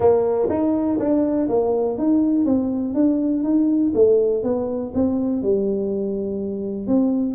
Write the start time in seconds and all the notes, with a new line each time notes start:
0.00 A#3
0.49 D#4
0.99 D4
1.48 A#3
1.98 D#4
2.45 C4
2.94 D4
3.43 D#4
3.94 A3
4.43 B3
4.94 C4
5.42 G3
6.87 C4